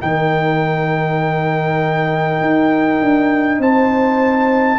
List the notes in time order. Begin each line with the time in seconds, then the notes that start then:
0.00 D#3 D#4 A#4 G5
2.41 D#4
3.02 D4
3.59 C4 C5 A5